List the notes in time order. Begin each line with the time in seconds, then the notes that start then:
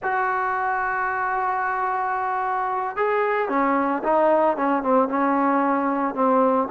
0.02 F#4
2.96 G#4
3.48 C#4
4.03 D#4
4.57 C#4
4.83 C4
5.08 C#4
6.15 C4